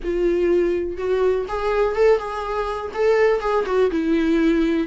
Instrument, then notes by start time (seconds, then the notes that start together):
viola
0.04 F4
0.97 F#4
1.48 G#4
1.95 A4
2.18 G#4
2.94 A4
3.40 G#4
3.66 F#4
3.90 E4